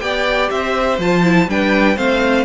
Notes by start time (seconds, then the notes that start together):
0.00 B3 G4 D5 G5
0.50 C4 C5 E5
0.98 F3 F4 A5
1.23 E4
1.47 G3 D4 B4 G5
1.96 A3 C4 C5 F5